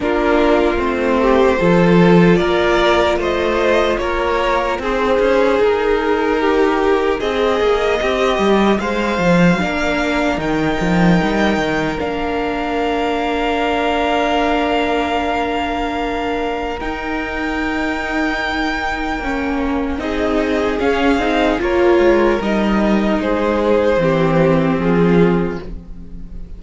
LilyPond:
<<
  \new Staff \with { instrumentName = "violin" } { \time 4/4 \tempo 4 = 75 ais'4 c''2 d''4 | dis''4 cis''4 c''4 ais'4~ | ais'4 dis''2 f''4~ | f''4 g''2 f''4~ |
f''1~ | f''4 g''2.~ | g''4 dis''4 f''4 cis''4 | dis''4 c''2 gis'4 | }
  \new Staff \with { instrumentName = "violin" } { \time 4/4 f'4. g'8 a'4 ais'4 | c''4 ais'4 gis'2 | g'4 gis'4 g'4 c''4 | ais'1~ |
ais'1~ | ais'1~ | ais'4 gis'2 ais'4~ | ais'4 gis'4 g'4 f'4 | }
  \new Staff \with { instrumentName = "viola" } { \time 4/4 d'4 c'4 f'2~ | f'2 dis'2~ | dis'1 | d'4 dis'2 d'4~ |
d'1~ | d'4 dis'2. | cis'4 dis'4 cis'8 dis'8 f'4 | dis'2 c'2 | }
  \new Staff \with { instrumentName = "cello" } { \time 4/4 ais4 a4 f4 ais4 | a4 ais4 c'8 cis'8 dis'4~ | dis'4 c'8 ais8 c'8 g8 gis8 f8 | ais4 dis8 f8 g8 dis8 ais4~ |
ais1~ | ais4 dis'2. | ais4 c'4 cis'8 c'8 ais8 gis8 | g4 gis4 e4 f4 | }
>>